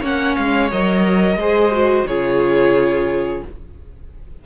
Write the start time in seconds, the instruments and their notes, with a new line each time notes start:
0.00 cello A#3, viola C#4, violin C#5 F#5
0.36 cello G#3, violin F5
0.71 cello F#3, viola A#4, violin D#5
1.36 cello G#3, viola G#4, violin C5
1.72 viola F#4
2.06 cello C#3, viola F4, violin G#4 C#5